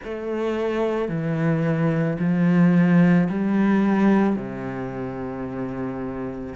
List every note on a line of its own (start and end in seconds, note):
0.03 1.08 A3
1.08 2.17 E3
2.19 3.28 F3
3.29 4.35 G3
4.35 6.54 C3